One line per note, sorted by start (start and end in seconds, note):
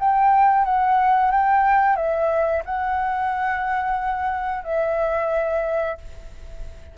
0.00 0.65 G5
0.65 1.32 F#5
1.32 1.97 G5
1.97 2.63 E5
2.66 4.65 F#5
4.65 5.98 E5